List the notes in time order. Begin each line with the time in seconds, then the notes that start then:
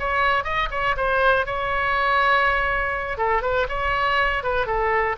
0.00 C#5
0.44 D#5
0.71 C#5
0.97 C5
1.46 C#5
3.18 A4
3.43 B4
3.69 C#5
4.44 B4
4.67 A4